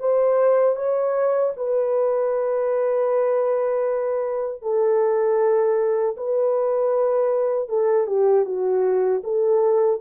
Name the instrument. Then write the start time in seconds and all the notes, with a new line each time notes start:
horn
0.00 C5
0.76 C#5
1.57 B4
4.62 A4
6.17 B4
7.69 A4
8.07 G4
8.45 F#4
9.24 A4